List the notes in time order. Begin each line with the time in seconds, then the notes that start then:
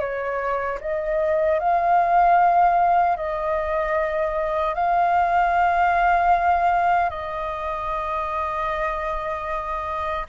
0.00 C#5
0.81 D#5
1.60 F5
3.17 D#5
4.75 F5
7.10 D#5